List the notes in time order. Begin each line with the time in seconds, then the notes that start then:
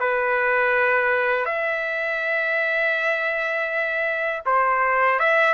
0.00 B4
1.45 E5
4.46 C5
5.20 E5